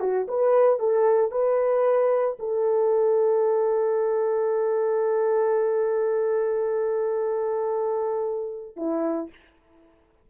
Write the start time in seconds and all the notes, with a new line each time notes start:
0.00 F#4
0.28 B4
0.79 A4
1.31 B4
2.39 A4
8.76 E4